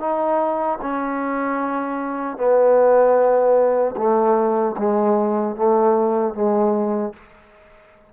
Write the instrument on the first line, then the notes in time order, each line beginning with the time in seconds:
trombone
0.00 D#4
0.81 C#4
2.37 B3
3.97 A3
4.78 G#3
5.56 A3
6.34 G#3